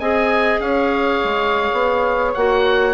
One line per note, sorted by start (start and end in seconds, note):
0.00 0.60 C4
0.00 2.36 G#4
0.00 0.63 D#5
0.00 0.61 G#5
0.60 1.22 C#4
0.60 2.94 C#5
0.60 2.33 F5
1.24 1.71 G#3
1.73 2.35 B3
2.34 2.94 A#3
2.34 2.94 F#4
2.34 2.94 F#5